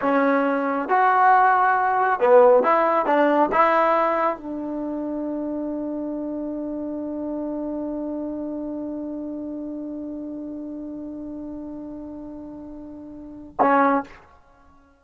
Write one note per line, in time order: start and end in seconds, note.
0.01 0.89 C#4
0.89 2.20 F#4
2.20 2.63 B3
2.63 3.06 E4
3.06 3.49 D4
3.52 4.37 E4
4.37 13.56 D4
13.60 14.03 C#4